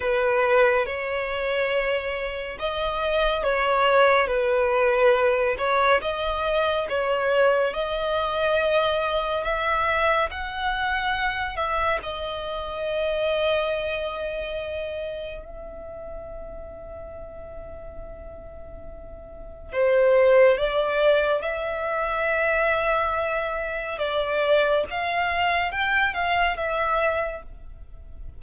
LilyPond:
\new Staff \with { instrumentName = "violin" } { \time 4/4 \tempo 4 = 70 b'4 cis''2 dis''4 | cis''4 b'4. cis''8 dis''4 | cis''4 dis''2 e''4 | fis''4. e''8 dis''2~ |
dis''2 e''2~ | e''2. c''4 | d''4 e''2. | d''4 f''4 g''8 f''8 e''4 | }